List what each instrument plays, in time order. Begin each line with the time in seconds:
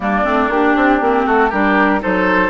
0.00 bassoon G3, clarinet A#3, oboe D4, flute D5
0.24 bassoon A3, clarinet C4
0.48 bassoon A#3, clarinet D4, flute G4
0.76 bassoon C4
1.00 bassoon A#3, clarinet C4
1.26 bassoon A3, oboe F#4, flute A4
1.49 bassoon G3, clarinet D4, oboe G4, flute A#4
2.00 bassoon F#3, clarinet D#4, oboe A4, flute C5